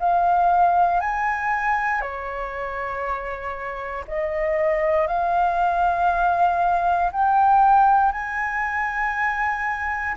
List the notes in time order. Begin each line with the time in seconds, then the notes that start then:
0.00 F5
1.01 G#5
2.02 C#5
4.08 D#5
5.08 F5
7.12 G5
8.13 G#5